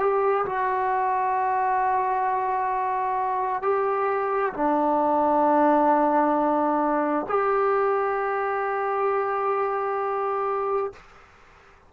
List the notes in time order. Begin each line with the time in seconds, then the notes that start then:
0.00 G4
0.45 F#4
3.63 G4
4.54 D4
7.29 G4